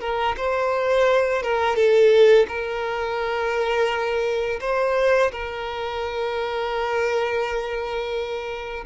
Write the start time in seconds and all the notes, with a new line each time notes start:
0.00 A#4
0.37 C5
1.42 A#4
1.76 A4
2.48 A#4
4.61 C5
5.32 A#4